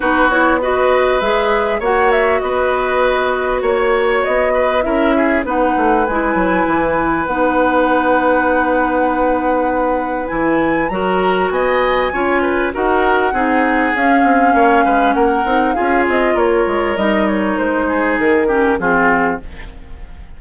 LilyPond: <<
  \new Staff \with { instrumentName = "flute" } { \time 4/4 \tempo 4 = 99 b'8 cis''8 dis''4 e''4 fis''8 e''8 | dis''2 cis''4 dis''4 | e''4 fis''4 gis''2 | fis''1~ |
fis''4 gis''4 ais''4 gis''4~ | gis''4 fis''2 f''4~ | f''4 fis''4 f''8 dis''8 cis''4 | dis''8 cis''8 c''4 ais'4 gis'4 | }
  \new Staff \with { instrumentName = "oboe" } { \time 4/4 fis'4 b'2 cis''4 | b'2 cis''4. b'8 | ais'8 gis'8 b'2.~ | b'1~ |
b'2 ais'4 dis''4 | cis''8 b'8 ais'4 gis'2 | cis''8 b'8 ais'4 gis'4 ais'4~ | ais'4. gis'4 g'8 f'4 | }
  \new Staff \with { instrumentName = "clarinet" } { \time 4/4 dis'8 e'8 fis'4 gis'4 fis'4~ | fis'1 | e'4 dis'4 e'2 | dis'1~ |
dis'4 e'4 fis'2 | f'4 fis'4 dis'4 cis'4~ | cis'4. dis'8 f'2 | dis'2~ dis'8 cis'8 c'4 | }
  \new Staff \with { instrumentName = "bassoon" } { \time 4/4 b2 gis4 ais4 | b2 ais4 b4 | cis'4 b8 a8 gis8 fis8 e4 | b1~ |
b4 e4 fis4 b4 | cis'4 dis'4 c'4 cis'8 c'8 | ais8 gis8 ais8 c'8 cis'8 c'8 ais8 gis8 | g4 gis4 dis4 f4 | }
>>